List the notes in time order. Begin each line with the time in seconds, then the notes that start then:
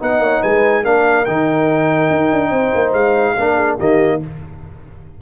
0.00 B3 D#4 D#5 F#5
0.20 A#3 C#5
0.42 G#3 B4 G#5
0.83 A#3 D4 A#4 F5
1.25 D#3 D#4 G5
2.10 D#4
2.32 D4
2.50 C4 C5
2.75 A#3
2.93 G#3 F5
3.37 A#3 D4 A#4
3.56 G#4
3.77 D#3 A#3 G4 D#5